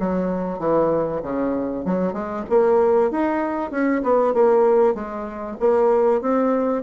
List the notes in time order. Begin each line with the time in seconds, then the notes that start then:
0.00 F#3
0.59 E3
1.23 C#3
1.85 F#3
2.13 G#3
2.49 A#3
3.11 D#4
3.71 C#4
4.03 B3
4.34 A#3
4.95 G#3
5.60 A#3
6.22 C4